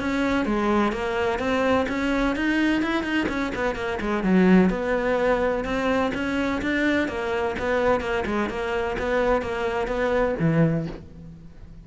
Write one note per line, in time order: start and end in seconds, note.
0.00 0.46 C#4
0.46 0.92 G#3
0.92 1.39 A#3
1.39 1.86 C4
1.89 2.36 C#4
2.36 2.82 D#4
2.82 3.04 E4
3.04 3.27 D#4
3.29 3.52 C#4
3.55 3.75 B3
3.75 3.99 A#3
4.01 4.23 G#3
4.23 4.70 F#3
4.70 5.65 B3
5.65 6.12 C4
6.14 6.62 C#4
6.62 7.08 D4
7.08 7.55 A#3
7.59 8.01 B3
8.01 8.24 A#3
8.26 8.50 G#3
8.50 8.97 A#3
8.99 9.42 B3
9.42 9.88 A#3
9.88 10.35 B3
10.39 10.87 E3